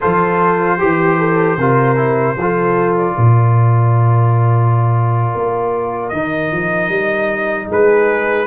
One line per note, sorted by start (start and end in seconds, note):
0.00 0.82 F3
0.00 0.79 F4
0.00 0.77 A4
0.00 2.97 C5
0.77 1.57 E3
0.77 1.17 G4
0.77 1.58 G4
1.19 1.57 A4
1.57 2.36 C3
1.57 1.96 F4
1.57 2.36 A#4
1.96 2.36 E4
2.37 3.15 F3
2.37 6.13 F4
2.37 3.14 A4
2.97 6.09 D5
3.14 5.34 A#2
3.14 7.67 A#4
5.35 6.12 A#3
6.09 6.51 D#3
6.09 8.46 D#4
6.09 7.66 D#5
6.51 6.88 F3
6.88 7.67 G3
7.67 8.46 G#3
7.67 8.46 G#4
7.67 8.46 B4